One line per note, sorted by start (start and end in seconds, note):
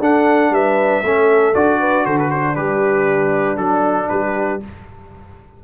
0.00 0.51 D4
0.00 1.04 D4
0.00 0.52 A4
0.00 0.54 F#5
0.51 1.02 G3
0.51 1.05 B4
0.51 1.55 E5
1.03 1.55 A3
1.03 1.54 C#4
1.03 1.80 A4
1.54 2.06 D4
1.54 2.56 F#4
1.54 2.06 D5
1.80 2.06 B4
2.06 2.57 D3
2.06 2.32 A4
2.06 2.18 C5
2.19 2.31 B4
2.31 4.12 D4
2.31 2.56 C5
2.56 3.58 G3
2.56 3.58 G4
2.56 3.58 B4
3.58 4.09 F#3
3.58 4.60 D4
3.58 4.09 A4
4.09 4.63 G3
4.09 4.64 G4
4.09 4.60 B4